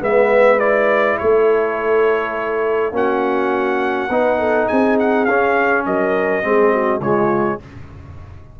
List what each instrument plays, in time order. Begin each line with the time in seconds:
0.00 tuba G#3, trombone B3, horn B4, trumpet E5
0.59 trombone E4, trumpet D5
1.18 tuba A3, horn A4, trumpet C#5
2.92 tuba A#3, trombone C#4, horn F#4, trumpet F#5
4.09 tuba B3, trombone D#4, horn B4
4.38 horn A4
4.68 tuba C4, horn G#4, trumpet G#5
4.99 trumpet F#5
5.25 tuba C#4, trombone C#4, trumpet F5
5.86 tuba F#3, horn A#4, trumpet D#5
6.42 tuba G#3, trombone C4, horn G#4
6.72 horn F#4
7.00 tuba C#3, trombone G#3, horn F4, trumpet C#5